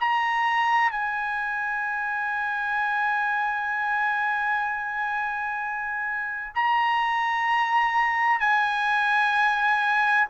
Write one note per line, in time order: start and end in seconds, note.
0.00 0.91 A#5
0.91 6.53 G#5
6.55 8.40 A#5
8.40 10.27 G#5